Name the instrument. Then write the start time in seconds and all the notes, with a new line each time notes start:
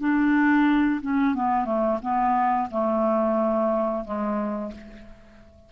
clarinet
0.00 D4
1.02 C#4
1.35 B3
1.65 A3
2.02 B3
2.71 A3
4.05 G#3